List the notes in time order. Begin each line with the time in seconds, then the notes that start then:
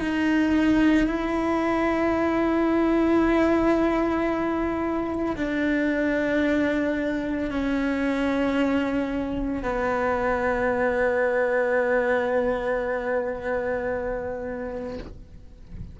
0.00 D#4
1.07 E4
5.36 D4
7.50 C#4
9.63 B3